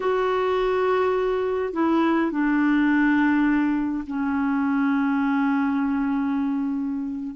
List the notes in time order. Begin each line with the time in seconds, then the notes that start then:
0.00 F#4
1.73 E4
2.31 D4
4.06 C#4